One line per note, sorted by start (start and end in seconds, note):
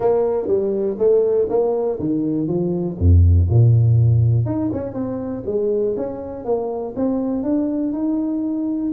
0.00 0.47 A#3
0.47 0.96 G3
0.98 1.48 A3
1.49 1.98 A#3
1.99 2.47 D#3
2.47 2.97 F3
2.98 3.48 F2
3.49 4.45 A#2
4.45 4.70 D#4
4.72 4.93 C#4
4.93 5.43 C4
5.46 5.95 G#3
5.96 6.44 C#4
6.44 6.94 A#3
6.96 7.43 C4
7.43 7.92 D4
7.92 8.91 D#4